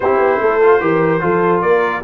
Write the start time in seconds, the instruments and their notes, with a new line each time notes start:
0.00 tuba C4, trombone E4, horn G4, trumpet C5
0.18 tuba B3
0.40 tuba A3, horn A4
0.61 trombone F4
0.81 tuba E3, trombone G4, horn A#4
1.20 tuba F3, trombone F4, horn A4
1.61 tuba A#3, horn A#4, trumpet D5